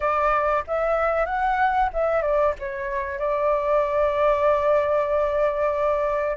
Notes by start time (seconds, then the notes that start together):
0.00 D5
0.67 E5
1.25 F#5
1.93 E5
2.21 D5
2.59 C#5
3.18 D5